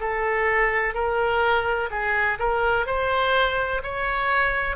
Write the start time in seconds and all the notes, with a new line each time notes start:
0.00 A4
0.94 A#4
1.90 G#4
2.39 A#4
2.86 C5
3.83 C#5